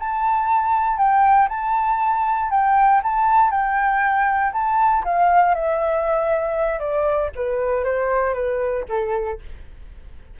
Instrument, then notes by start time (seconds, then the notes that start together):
flute
0.00 A5
0.98 G5
1.49 A5
2.51 G5
3.03 A5
3.51 G5
4.53 A5
5.05 F5
5.55 E5
6.80 D5
7.36 B4
7.84 C5
8.34 B4
8.89 A4